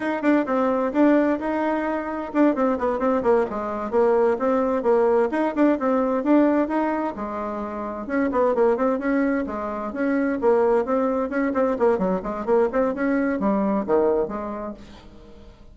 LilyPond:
\new Staff \with { instrumentName = "bassoon" } { \time 4/4 \tempo 4 = 130 dis'8 d'8 c'4 d'4 dis'4~ | dis'4 d'8 c'8 b8 c'8 ais8 gis8~ | gis8 ais4 c'4 ais4 dis'8 | d'8 c'4 d'4 dis'4 gis8~ |
gis4. cis'8 b8 ais8 c'8 cis'8~ | cis'8 gis4 cis'4 ais4 c'8~ | c'8 cis'8 c'8 ais8 fis8 gis8 ais8 c'8 | cis'4 g4 dis4 gis4 | }